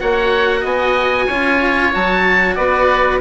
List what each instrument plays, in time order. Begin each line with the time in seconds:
0.00 bassoon A#3, cello F#4, oboe C#5 F#5
0.61 bassoon B3, oboe D#5 G#5
1.27 bassoon C#4, cello F4, oboe C#5
1.93 bassoon F#3, cello F#4, oboe A5
2.55 bassoon B3, oboe B4 D5